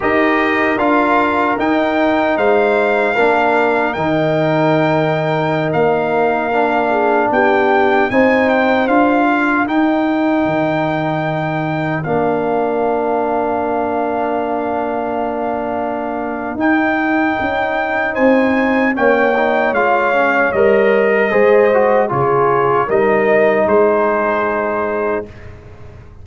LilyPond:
<<
  \new Staff \with { instrumentName = "trumpet" } { \time 4/4 \tempo 4 = 76 dis''4 f''4 g''4 f''4~ | f''4 g''2~ g''16 f''8.~ | f''4~ f''16 g''4 gis''8 g''8 f''8.~ | f''16 g''2. f''8.~ |
f''1~ | f''4 g''2 gis''4 | g''4 f''4 dis''2 | cis''4 dis''4 c''2 | }
  \new Staff \with { instrumentName = "horn" } { \time 4/4 ais'2. c''4 | ais'1~ | ais'8. gis'8 g'4 c''4. ais'16~ | ais'1~ |
ais'1~ | ais'2. c''4 | cis''2~ cis''8. ais'16 c''4 | gis'4 ais'4 gis'2 | }
  \new Staff \with { instrumentName = "trombone" } { \time 4/4 g'4 f'4 dis'2 | d'4 dis'2.~ | dis'16 d'2 dis'4 f'8.~ | f'16 dis'2. d'8.~ |
d'1~ | d'4 dis'2. | cis'8 dis'8 f'8 cis'8 ais'4 gis'8 fis'8 | f'4 dis'2. | }
  \new Staff \with { instrumentName = "tuba" } { \time 4/4 dis'4 d'4 dis'4 gis4 | ais4 dis2~ dis16 ais8.~ | ais4~ ais16 b4 c'4 d'8.~ | d'16 dis'4 dis2 ais8.~ |
ais1~ | ais4 dis'4 cis'4 c'4 | ais4 gis4 g4 gis4 | cis4 g4 gis2 | }
>>